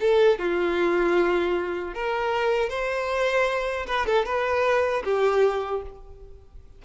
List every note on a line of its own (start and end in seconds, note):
0.00 0.38 A4
0.38 1.94 F4
1.94 2.69 A#4
2.69 3.86 C5
3.86 4.06 B4
4.06 4.25 A4
4.25 5.03 B4
5.04 5.82 G4